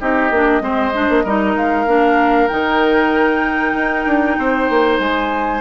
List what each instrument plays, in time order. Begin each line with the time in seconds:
0.00 bassoon C4, clarinet D#4, oboe G4, flute D#5
0.30 bassoon A#3, clarinet D4
0.61 bassoon G#3, clarinet C4, oboe C5
0.93 clarinet D4
1.09 bassoon A#3
1.24 bassoon G3, clarinet D#4, oboe A#4
1.55 bassoon G#3, flute F5
1.86 bassoon A#3, clarinet D4
2.48 bassoon D#3, clarinet D#4, flute G5
3.74 bassoon D#4
4.06 bassoon D4
4.38 bassoon C4, oboe C5
4.70 bassoon A#3
4.99 bassoon G#3, flute G#5